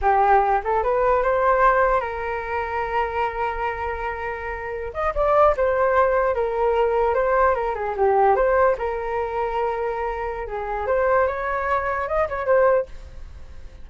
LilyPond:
\new Staff \with { instrumentName = "flute" } { \time 4/4 \tempo 4 = 149 g'4. a'8 b'4 c''4~ | c''4 ais'2.~ | ais'1~ | ais'16 dis''8 d''4 c''2 ais'16~ |
ais'4.~ ais'16 c''4 ais'8 gis'8 g'16~ | g'8. c''4 ais'2~ ais'16~ | ais'2 gis'4 c''4 | cis''2 dis''8 cis''8 c''4 | }